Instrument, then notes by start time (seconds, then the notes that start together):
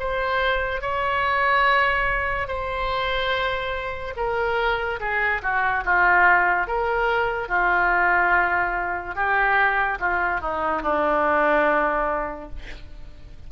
oboe
0.00 C5
0.81 C#5
2.48 C5
4.16 A#4
5.00 G#4
5.42 F#4
5.85 F4
6.67 A#4
7.48 F4
9.16 G4
10.00 F4
10.41 D#4
10.83 D4